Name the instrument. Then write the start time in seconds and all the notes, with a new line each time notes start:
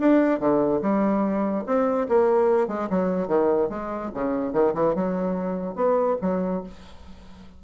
bassoon
0.00 D4
0.40 D3
0.82 G3
1.66 C4
2.09 A#3
2.68 G#3
2.90 F#3
3.28 D#3
3.69 G#3
4.15 C#3
4.53 D#3
4.74 E3
4.95 F#3
5.76 B3
6.22 F#3